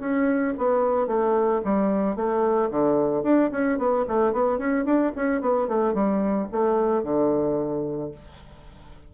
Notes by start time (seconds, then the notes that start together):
0.00 C#4
0.58 B3
1.08 A3
1.65 G3
2.16 A3
2.71 D3
3.24 D4
3.52 C#4
3.79 B3
4.08 A3
4.33 B3
4.59 C#4
4.85 D4
5.16 C#4
5.41 B3
5.68 A3
5.94 G3
6.52 A3
7.03 D3